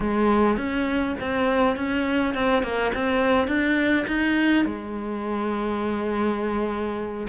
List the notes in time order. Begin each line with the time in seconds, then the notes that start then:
0.00 G#3
0.57 C#4
1.20 C4
1.76 C#4
2.34 C4
2.62 A#3
2.93 C4
3.47 D4
4.07 D#4
4.65 G#3